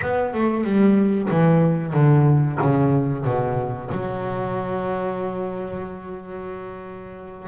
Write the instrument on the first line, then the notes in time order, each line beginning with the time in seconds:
double bass
0.01 B3
0.33 A3
0.64 G3
1.30 E3
1.93 D3
2.61 C#3
3.24 B2
3.91 F#3